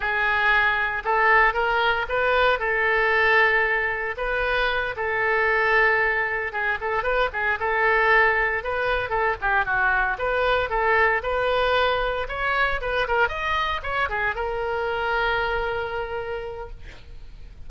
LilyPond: \new Staff \with { instrumentName = "oboe" } { \time 4/4 \tempo 4 = 115 gis'2 a'4 ais'4 | b'4 a'2. | b'4. a'2~ a'8~ | a'8 gis'8 a'8 b'8 gis'8 a'4.~ |
a'8 b'4 a'8 g'8 fis'4 b'8~ | b'8 a'4 b'2 cis''8~ | cis''8 b'8 ais'8 dis''4 cis''8 gis'8 ais'8~ | ais'1 | }